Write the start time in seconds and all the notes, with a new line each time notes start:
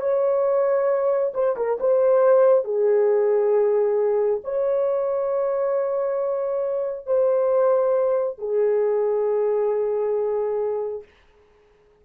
0.00 C#5
1.34 C5
1.56 A#4
1.80 C5
2.64 G#4
4.44 C#5
7.06 C5
8.38 G#4